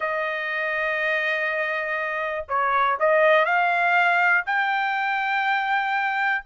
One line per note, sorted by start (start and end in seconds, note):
0.00 2.45 D#5
2.48 2.98 C#5
2.99 3.45 D#5
3.45 4.44 F5
4.46 6.44 G5